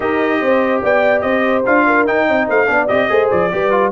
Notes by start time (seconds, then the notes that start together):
0.00 D#4 G4 A#4 D#5
0.40 C4 C5
0.82 B3 D5 G5
1.21 C4 C5 D#5
1.66 D4 F4 F5
1.86 A#4
2.06 D#4 G5
2.26 C4 D#5
2.47 A3 C5 F5
2.66 B3 D4 D5
2.87 C4 G4 D#5
3.09 A3 G#4 C5
3.30 F3 D5
3.51 G3 G4 B4
3.71 F4